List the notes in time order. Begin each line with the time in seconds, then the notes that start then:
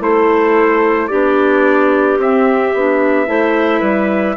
0.00 A3 E4 A4 C5
1.08 B3 D4 G4 D5
2.18 C4 E5
2.74 B3 D4
3.26 A3 E4 C5
3.80 G3 B4